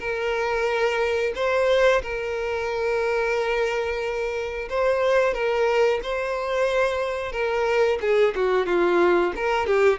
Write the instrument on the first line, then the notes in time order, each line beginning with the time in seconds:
violin
0.00 A#4
1.35 C5
2.02 A#4
4.70 C5
5.34 A#4
6.03 C5
7.32 A#4
8.01 G#4
8.35 F#4
8.66 F4
9.36 A#4
9.67 G4